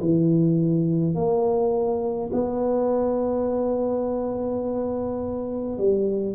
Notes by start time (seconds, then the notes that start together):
0.00 E3
1.14 A#3
2.32 B3
5.78 G3